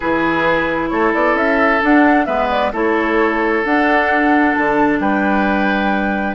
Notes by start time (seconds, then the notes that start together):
0.00 E3 E4 G#4 B4
0.89 A3 A4 C#5
1.13 B3 D5
1.34 C#4 E5
1.82 D4 F#5
2.25 G#3 B3 B4 E5
2.50 D5
2.72 A3 E4 A4 C#5
3.64 D4 F#5
4.54 D3 A5
4.99 G3 B4 G5